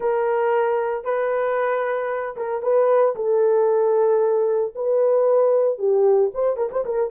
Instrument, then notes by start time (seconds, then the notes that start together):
horn
0.00 A#4
1.04 B4
2.36 A#4
2.62 B4
3.15 A4
4.75 B4
5.78 G4
6.33 C5
6.56 A#4
6.71 C5
6.85 A#4